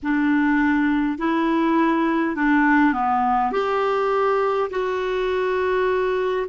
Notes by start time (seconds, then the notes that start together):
0.02 D4
1.18 E4
2.35 D4
2.93 B3
3.52 G4
4.70 F#4